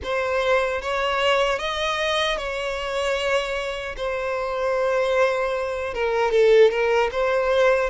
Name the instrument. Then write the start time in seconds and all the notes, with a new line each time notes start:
violin
0.03 C5
0.81 C#5
1.58 D#5
2.37 C#5
3.96 C5
5.94 A#4
6.31 A4
6.70 A#4
7.11 C5